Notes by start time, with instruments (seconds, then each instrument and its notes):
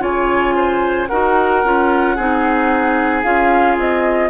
0.00 bassoon C#3, clarinet F4, oboe C#5, flute G#5
0.56 oboe C5
1.08 bassoon D#4, clarinet F#4, oboe A#4, flute F#5
1.65 bassoon C#4, clarinet F4
2.16 bassoon C4, clarinet D#4, oboe G#4
3.23 bassoon C#4, clarinet F4, flute F5
3.78 bassoon C4, flute D#5